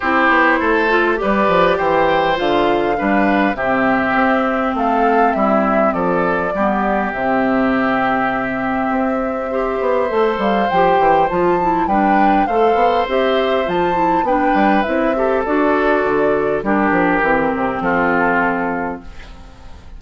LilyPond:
<<
  \new Staff \with { instrumentName = "flute" } { \time 4/4 \tempo 4 = 101 c''2 d''4 g''4 | f''2 e''2 | f''4 e''4 d''2 | e''1~ |
e''4. f''8 g''4 a''4 | g''4 f''4 e''4 a''4 | g''4 e''4 d''2 | ais'2 a'2 | }
  \new Staff \with { instrumentName = "oboe" } { \time 4/4 g'4 a'4 b'4 c''4~ | c''4 b'4 g'2 | a'4 e'4 a'4 g'4~ | g'1 |
c''1 | b'4 c''2. | b'4. a'2~ a'8 | g'2 f'2 | }
  \new Staff \with { instrumentName = "clarinet" } { \time 4/4 e'4. f'8 g'2 | f'4 d'4 c'2~ | c'2. b4 | c'1 |
g'4 a'4 g'4 f'8 e'8 | d'4 a'4 g'4 f'8 e'8 | d'4 e'8 g'8 fis'2 | d'4 c'2. | }
  \new Staff \with { instrumentName = "bassoon" } { \time 4/4 c'8 b8 a4 g8 f8 e4 | d4 g4 c4 c'4 | a4 g4 f4 g4 | c2. c'4~ |
c'8 b8 a8 g8 f8 e8 f4 | g4 a8 b8 c'4 f4 | b8 g8 c'4 d'4 d4 | g8 f8 e8 c8 f2 | }
>>